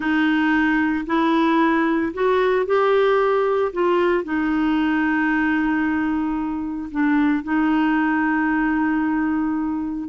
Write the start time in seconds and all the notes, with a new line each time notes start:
0.00 D#4
1.06 E4
2.13 F#4
2.65 G4
3.73 F4
4.24 D#4
6.91 D4
7.43 D#4